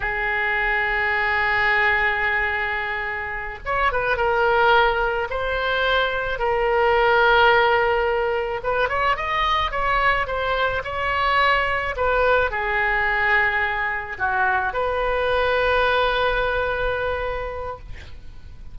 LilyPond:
\new Staff \with { instrumentName = "oboe" } { \time 4/4 \tempo 4 = 108 gis'1~ | gis'2~ gis'8 cis''8 b'8 ais'8~ | ais'4. c''2 ais'8~ | ais'2.~ ais'8 b'8 |
cis''8 dis''4 cis''4 c''4 cis''8~ | cis''4. b'4 gis'4.~ | gis'4. fis'4 b'4.~ | b'1 | }